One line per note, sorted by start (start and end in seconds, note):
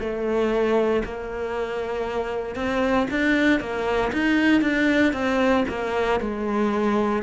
0.00 1.03 A3
1.04 2.55 A#3
2.55 3.07 C4
3.11 3.60 D4
3.60 4.12 A#3
4.12 4.61 D#4
4.61 5.13 D4
5.13 5.65 C4
5.68 6.20 A#3
6.20 7.23 G#3